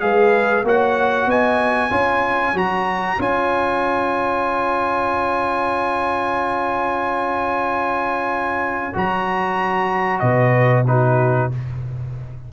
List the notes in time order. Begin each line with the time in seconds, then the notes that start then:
0.00 G#3 G#4 B4 F5
0.63 A#3 F#4 C#5 F#5
1.26 B3 D#5 G#5
1.90 C#4 F4 C#5
2.53 F#3 F#4 A#5
3.19 C#4 F4 G#5
8.93 F#3 F#4 A#5
10.19 B2 B4 D#5
10.87 D#4 F#4 B4